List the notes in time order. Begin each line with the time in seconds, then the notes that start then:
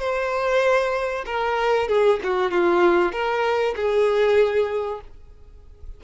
0.00 C5
1.26 A#4
1.89 G#4
2.24 F#4
2.51 F4
3.12 A#4
3.76 G#4